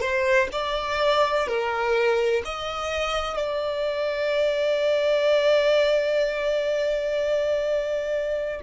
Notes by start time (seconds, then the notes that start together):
0.00 C5
0.52 D5
1.47 A#4
2.45 D#5
3.36 D5